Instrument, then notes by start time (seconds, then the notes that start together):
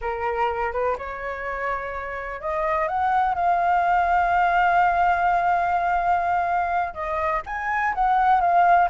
flute
0.01 A#4
0.72 B4
0.98 C#5
2.40 D#5
2.88 F#5
3.34 F5
6.94 D#5
7.46 G#5
7.94 F#5
8.40 F5